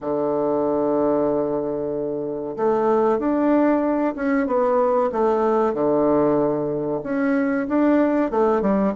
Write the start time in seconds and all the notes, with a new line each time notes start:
0.00 D3
2.56 A3
3.18 D4
4.15 C#4
4.46 B3
5.12 A3
5.73 D3
7.03 C#4
7.68 D4
8.31 A3
8.61 G3